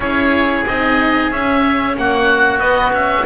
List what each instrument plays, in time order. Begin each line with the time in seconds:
0.00 double bass C#4, cello E4, oboe G#4 C#5
0.66 double bass C4, cello D#4, oboe D#5
1.30 double bass C#4, cello C#4, oboe E5
1.97 double bass A#3, oboe F#4 F#5
2.59 cello B3, double bass B3, oboe D#5
2.92 cello C#4, oboe E5